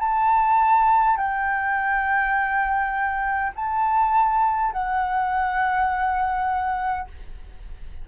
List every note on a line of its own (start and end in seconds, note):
0.00 1.17 A5
1.17 3.52 G5
3.56 4.73 A5
4.73 7.08 F#5